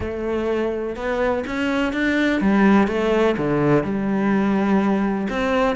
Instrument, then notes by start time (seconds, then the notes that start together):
cello
0.00 A3
0.96 B3
1.46 C#4
1.92 D4
2.40 G3
2.87 A3
3.37 D3
3.83 G3
5.29 C4